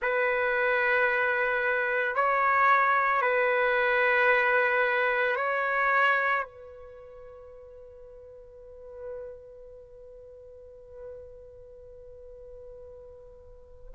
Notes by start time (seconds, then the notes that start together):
0.01 B4
2.15 C#5
3.21 B4
5.36 C#5
6.43 B4